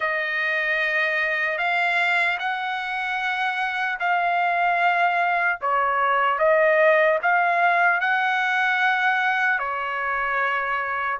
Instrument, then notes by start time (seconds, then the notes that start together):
trumpet
0.00 D#5
1.58 F5
2.38 F#5
3.99 F5
5.61 C#5
6.39 D#5
7.22 F5
8.00 F#5
9.59 C#5